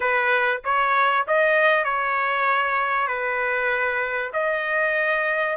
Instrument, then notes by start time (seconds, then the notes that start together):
trumpet
0.00 B4
0.64 C#5
1.27 D#5
1.84 C#5
3.07 B4
4.33 D#5